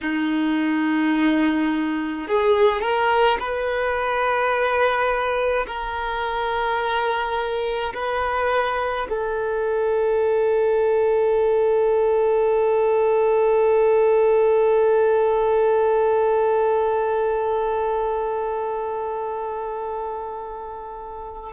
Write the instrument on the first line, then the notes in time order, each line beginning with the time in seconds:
violin
0.01 D#4
2.27 G#4
2.80 A#4
3.39 B4
5.67 A#4
7.93 B4
9.09 A4